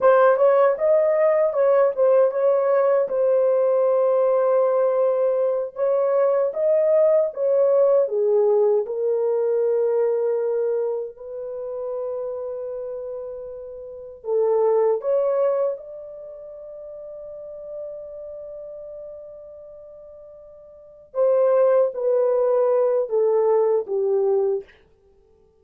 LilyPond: \new Staff \with { instrumentName = "horn" } { \time 4/4 \tempo 4 = 78 c''8 cis''8 dis''4 cis''8 c''8 cis''4 | c''2.~ c''8 cis''8~ | cis''8 dis''4 cis''4 gis'4 ais'8~ | ais'2~ ais'8 b'4.~ |
b'2~ b'8 a'4 cis''8~ | cis''8 d''2.~ d''8~ | d''2.~ d''8 c''8~ | c''8 b'4. a'4 g'4 | }